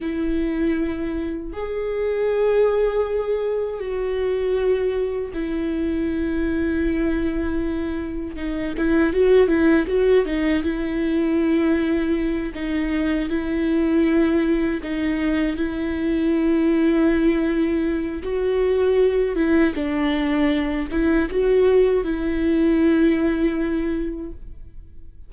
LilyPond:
\new Staff \with { instrumentName = "viola" } { \time 4/4 \tempo 4 = 79 e'2 gis'2~ | gis'4 fis'2 e'4~ | e'2. dis'8 e'8 | fis'8 e'8 fis'8 dis'8 e'2~ |
e'8 dis'4 e'2 dis'8~ | dis'8 e'2.~ e'8 | fis'4. e'8 d'4. e'8 | fis'4 e'2. | }